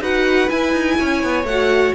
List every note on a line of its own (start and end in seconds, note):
0.00 0.48 D#4
0.00 0.49 F#4
0.00 0.97 B4
0.00 0.50 F#5
0.49 1.45 E4
0.49 0.73 E4
0.49 1.46 G#5
0.73 0.97 D#4
0.99 1.23 C#4
0.99 1.95 C#5
1.23 1.44 B3
1.44 1.92 A3
1.44 1.95 F#4
1.44 1.94 F#5